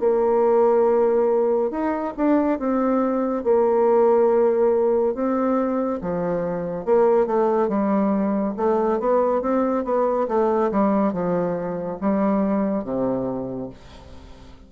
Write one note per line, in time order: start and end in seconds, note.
0.00 1.71 A#3
1.71 2.14 D#4
2.17 2.59 D4
2.59 3.44 C4
3.44 5.14 A#3
5.14 6.00 C4
6.02 6.86 F3
6.86 7.27 A#3
7.27 7.68 A3
7.68 8.54 G3
8.57 9.00 A3
9.00 9.42 B3
9.42 9.85 C4
9.85 10.27 B3
10.28 10.71 A3
10.71 11.13 G3
11.13 11.99 F3
12.01 12.84 G3
12.84 13.70 C3